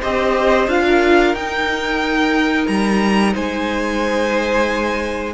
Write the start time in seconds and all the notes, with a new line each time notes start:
0.00 C4 G4 C5 D#5
0.67 D4 F4 F5
0.86 A#4
1.34 D#4 G5
2.67 G3 A#5
3.34 G#3 C5 G#5